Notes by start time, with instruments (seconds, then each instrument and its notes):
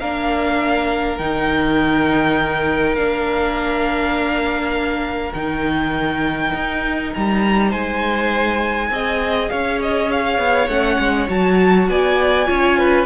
0.00 cello A#3, viola D4, violin A#4 F5
1.18 cello D#3, viola D#4, violin G5
2.95 cello A#3, viola D4, violin F5
5.34 cello D#3, viola D#4, violin G5
6.53 cello D#4
7.14 cello G3, violin A#5
7.69 cello G#3, violin C5 G#5
8.90 cello C4, viola G#4, violin D#5
9.49 cello C#4, violin C#5 F5
9.83 violin D#5
10.11 violin F5
10.38 cello B3
10.68 cello A3, viola C#4, violin F#5
10.99 cello G#3
11.28 cello F#3, viola F#4, violin A5
11.89 cello B3, violin D5 G#5
12.47 cello C#4, viola F4, violin C#5
12.78 violin B4